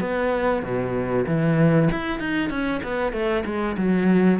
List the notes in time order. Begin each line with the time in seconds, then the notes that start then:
0.00 B3
0.62 B2
1.26 E3
1.91 E4
2.19 D#4
2.50 C#4
2.83 B3
3.12 A3
3.45 G#3
3.77 F#3